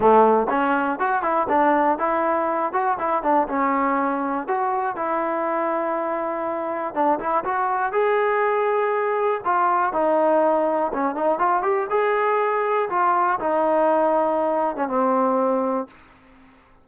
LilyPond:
\new Staff \with { instrumentName = "trombone" } { \time 4/4 \tempo 4 = 121 a4 cis'4 fis'8 e'8 d'4 | e'4. fis'8 e'8 d'8 cis'4~ | cis'4 fis'4 e'2~ | e'2 d'8 e'8 fis'4 |
gis'2. f'4 | dis'2 cis'8 dis'8 f'8 g'8 | gis'2 f'4 dis'4~ | dis'4.~ dis'16 cis'16 c'2 | }